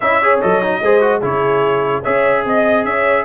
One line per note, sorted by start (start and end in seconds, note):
0.00 0.42 C#4
0.00 0.22 E4
0.00 0.19 D#5
0.00 0.39 E5
0.19 0.42 G#4
0.19 0.81 C#5
0.41 0.82 F#3
0.41 0.61 A4
0.41 1.22 D#5
0.61 0.82 D#4
0.82 1.22 G#3
0.82 1.00 G#4
0.82 1.20 C5
1.00 1.21 F#4
1.20 2.04 C#3
1.20 2.03 E4
1.20 2.02 G#4
1.20 2.03 C#5
2.02 2.44 C#4
2.02 3.24 G#4
2.02 2.43 C#5
2.02 2.44 E5
2.44 2.84 C4
2.44 2.86 D#5
2.44 2.84 D#5
2.84 3.24 C#4
2.84 3.24 C#5
2.84 3.24 E5